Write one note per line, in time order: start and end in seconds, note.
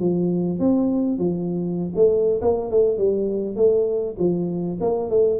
0.00 0.59 F3
0.59 1.18 C4
1.18 1.93 F3
1.96 2.41 A3
2.42 2.71 A#3
2.71 2.98 A3
2.98 3.56 G3
3.56 4.16 A3
4.19 4.79 F3
4.81 5.10 A#3
5.10 5.40 A3